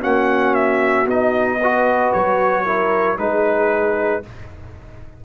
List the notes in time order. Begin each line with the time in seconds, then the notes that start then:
0.00 A#3 C#4 F#4 F#5
0.54 E5
1.06 B3 D#4 D#5
1.59 F#4 B4
2.12 F#3 C#5
2.64 E4 A#4
3.17 G#3 D#4 G#4 B4